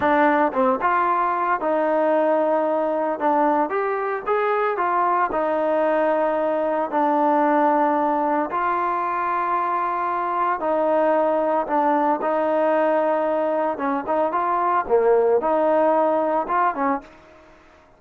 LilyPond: \new Staff \with { instrumentName = "trombone" } { \time 4/4 \tempo 4 = 113 d'4 c'8 f'4. dis'4~ | dis'2 d'4 g'4 | gis'4 f'4 dis'2~ | dis'4 d'2. |
f'1 | dis'2 d'4 dis'4~ | dis'2 cis'8 dis'8 f'4 | ais4 dis'2 f'8 cis'8 | }